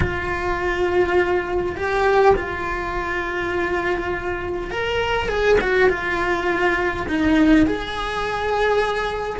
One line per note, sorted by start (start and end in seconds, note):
0.00 1.75 F4
1.76 2.35 G4
2.36 4.71 F4
4.71 5.28 A#4
5.28 5.57 G#4
5.60 5.89 F#4
5.89 7.06 F4
7.07 7.66 D#4
7.66 9.40 G#4